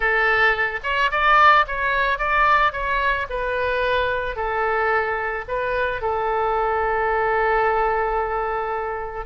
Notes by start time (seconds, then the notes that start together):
0.00 A4
0.83 C#5
1.11 D5
1.67 C#5
2.18 D5
2.72 C#5
3.29 B4
4.35 A4
5.48 B4
6.01 A4